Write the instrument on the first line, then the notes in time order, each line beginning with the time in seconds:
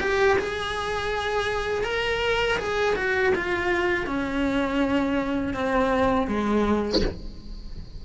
cello
0.00 G4
0.38 G#4
1.84 A#4
2.58 G#4
2.96 F#4
3.35 F4
4.06 C#4
5.53 C4
6.27 G#3